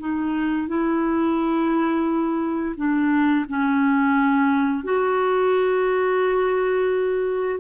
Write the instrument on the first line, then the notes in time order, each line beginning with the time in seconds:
clarinet
0.00 D#4
0.68 E4
2.77 D4
3.49 C#4
4.84 F#4